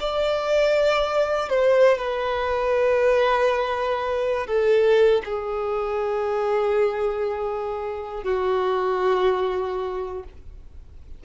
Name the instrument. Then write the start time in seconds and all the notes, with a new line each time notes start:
violin
0.00 D5
1.50 C5
1.98 B4
4.47 A4
5.25 G#4
8.24 F#4